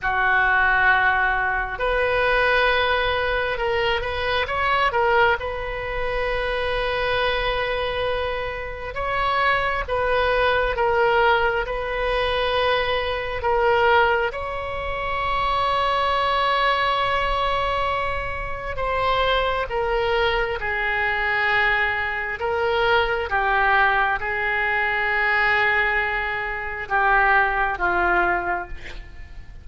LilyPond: \new Staff \with { instrumentName = "oboe" } { \time 4/4 \tempo 4 = 67 fis'2 b'2 | ais'8 b'8 cis''8 ais'8 b'2~ | b'2 cis''4 b'4 | ais'4 b'2 ais'4 |
cis''1~ | cis''4 c''4 ais'4 gis'4~ | gis'4 ais'4 g'4 gis'4~ | gis'2 g'4 f'4 | }